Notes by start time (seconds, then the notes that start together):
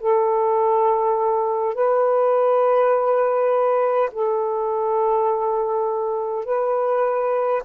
0.00 A4
1.75 B4
4.12 A4
6.45 B4